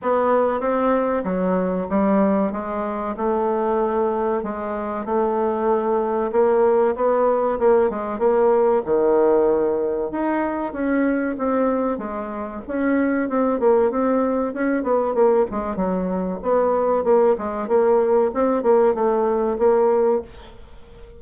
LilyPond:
\new Staff \with { instrumentName = "bassoon" } { \time 4/4 \tempo 4 = 95 b4 c'4 fis4 g4 | gis4 a2 gis4 | a2 ais4 b4 | ais8 gis8 ais4 dis2 |
dis'4 cis'4 c'4 gis4 | cis'4 c'8 ais8 c'4 cis'8 b8 | ais8 gis8 fis4 b4 ais8 gis8 | ais4 c'8 ais8 a4 ais4 | }